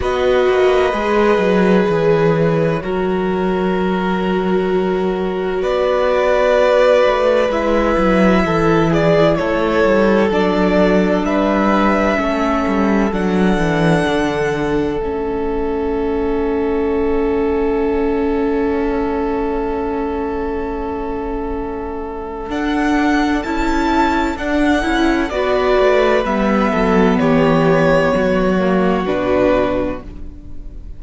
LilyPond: <<
  \new Staff \with { instrumentName = "violin" } { \time 4/4 \tempo 4 = 64 dis''2 cis''2~ | cis''2 d''2 | e''4. d''8 cis''4 d''4 | e''2 fis''2 |
e''1~ | e''1 | fis''4 a''4 fis''4 d''4 | e''4 cis''2 b'4 | }
  \new Staff \with { instrumentName = "violin" } { \time 4/4 b'2. ais'4~ | ais'2 b'2~ | b'4 a'8 gis'8 a'2 | b'4 a'2.~ |
a'1~ | a'1~ | a'2. b'4~ | b'8 a'8 g'4 fis'2 | }
  \new Staff \with { instrumentName = "viola" } { \time 4/4 fis'4 gis'2 fis'4~ | fis'1 | e'2. d'4~ | d'4 cis'4 d'2 |
cis'1~ | cis'1 | d'4 e'4 d'8 e'8 fis'4 | b2~ b8 ais8 d'4 | }
  \new Staff \with { instrumentName = "cello" } { \time 4/4 b8 ais8 gis8 fis8 e4 fis4~ | fis2 b4. a8 | gis8 fis8 e4 a8 g8 fis4 | g4 a8 g8 fis8 e8 d4 |
a1~ | a1 | d'4 cis'4 d'8 cis'8 b8 a8 | g8 fis8 e4 fis4 b,4 | }
>>